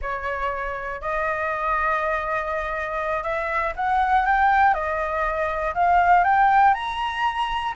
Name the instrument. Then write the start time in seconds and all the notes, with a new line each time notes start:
flute
0.01 C#5
1.01 D#5
3.23 E5
3.76 F#5
4.26 G5
4.74 D#5
5.74 F5
6.24 G5
6.74 A#5